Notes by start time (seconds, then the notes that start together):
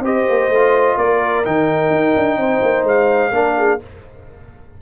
0.00 C4 G4 C5 D#5
0.29 A#3
0.50 A3 F4
0.97 A#3 A#4 D5
1.45 D#3 D#4 G5
1.91 D#4
2.16 D4
2.37 C4 C5
2.62 A#3
2.83 G#3 F5
3.31 A#3 D4 A#4
3.58 G#4